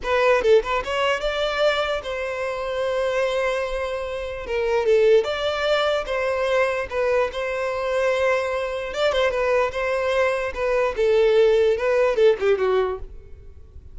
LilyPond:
\new Staff \with { instrumentName = "violin" } { \time 4/4 \tempo 4 = 148 b'4 a'8 b'8 cis''4 d''4~ | d''4 c''2.~ | c''2. ais'4 | a'4 d''2 c''4~ |
c''4 b'4 c''2~ | c''2 d''8 c''8 b'4 | c''2 b'4 a'4~ | a'4 b'4 a'8 g'8 fis'4 | }